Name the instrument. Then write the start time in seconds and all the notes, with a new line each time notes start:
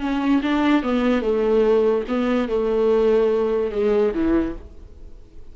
viola
0.00 C#4
0.42 D4
0.83 B3
1.22 A3
2.08 B3
2.48 A3
3.71 G#3
4.14 E3